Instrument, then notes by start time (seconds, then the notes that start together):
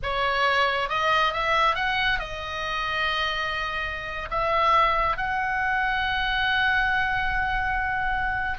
oboe
0.02 C#5
0.89 D#5
1.33 E5
1.75 F#5
2.19 D#5
4.30 E5
5.17 F#5